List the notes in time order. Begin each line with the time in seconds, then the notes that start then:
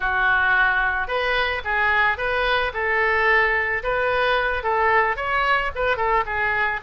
0.00 F#4
1.07 B4
1.64 G#4
2.17 B4
2.73 A4
3.83 B4
4.63 A4
5.16 C#5
5.75 B4
5.96 A4
6.26 G#4